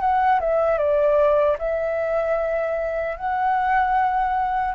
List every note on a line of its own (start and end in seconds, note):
0.00 0.39 F#5
0.40 0.78 E5
0.78 1.57 D5
1.59 3.17 E5
3.17 4.74 F#5